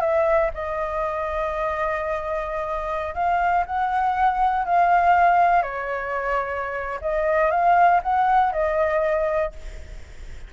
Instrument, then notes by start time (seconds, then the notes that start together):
flute
0.00 E5
0.54 D#5
3.14 F5
3.66 F#5
4.65 F5
5.62 C#5
7.01 D#5
7.51 F5
8.03 F#5
8.52 D#5